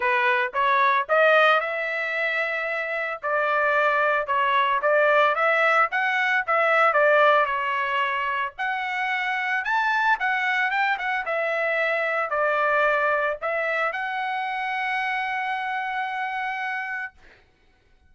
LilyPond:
\new Staff \with { instrumentName = "trumpet" } { \time 4/4 \tempo 4 = 112 b'4 cis''4 dis''4 e''4~ | e''2 d''2 | cis''4 d''4 e''4 fis''4 | e''4 d''4 cis''2 |
fis''2 a''4 fis''4 | g''8 fis''8 e''2 d''4~ | d''4 e''4 fis''2~ | fis''1 | }